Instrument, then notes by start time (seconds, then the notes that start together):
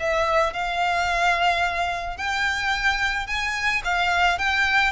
violin
0.00 E5
0.54 F5
2.18 G5
3.27 G#5
3.85 F5
4.39 G5